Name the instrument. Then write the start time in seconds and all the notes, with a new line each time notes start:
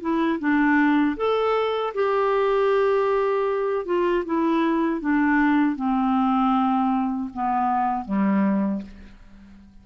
clarinet
0.00 E4
0.39 D4
1.16 A4
1.94 G4
3.85 F4
4.25 E4
5.00 D4
5.76 C4
7.33 B3
8.05 G3